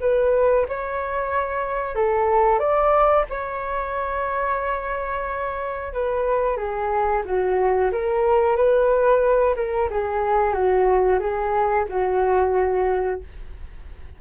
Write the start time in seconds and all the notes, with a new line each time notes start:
0.00 B4
0.68 C#5
1.95 A4
2.59 D5
3.29 C#5
5.93 B4
6.57 G#4
7.25 F#4
7.92 A#4
8.56 B4
9.56 A#4
9.90 G#4
10.53 F#4
11.20 G#4
11.89 F#4